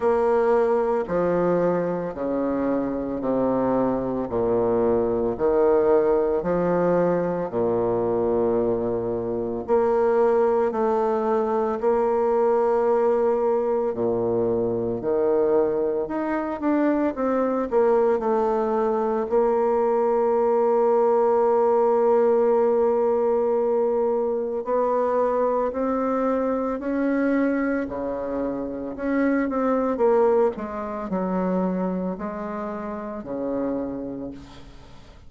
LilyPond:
\new Staff \with { instrumentName = "bassoon" } { \time 4/4 \tempo 4 = 56 ais4 f4 cis4 c4 | ais,4 dis4 f4 ais,4~ | ais,4 ais4 a4 ais4~ | ais4 ais,4 dis4 dis'8 d'8 |
c'8 ais8 a4 ais2~ | ais2. b4 | c'4 cis'4 cis4 cis'8 c'8 | ais8 gis8 fis4 gis4 cis4 | }